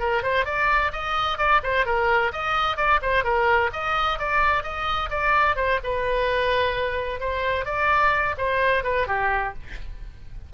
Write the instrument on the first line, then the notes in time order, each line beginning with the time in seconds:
oboe
0.00 A#4
0.23 C5
0.45 D5
0.93 D#5
1.38 D5
1.63 C5
1.86 A#4
2.33 D#5
2.77 D5
3.02 C5
3.24 A#4
3.73 D#5
4.19 D5
4.63 D#5
5.10 D5
5.56 C5
5.84 B4
7.20 C5
7.66 D5
8.38 C5
8.84 B4
9.07 G4